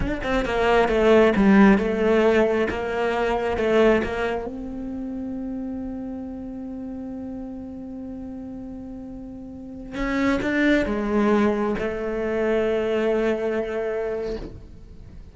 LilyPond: \new Staff \with { instrumentName = "cello" } { \time 4/4 \tempo 4 = 134 d'8 c'8 ais4 a4 g4 | a2 ais2 | a4 ais4 c'2~ | c'1~ |
c'1~ | c'2~ c'16 cis'4 d'8.~ | d'16 gis2 a4.~ a16~ | a1 | }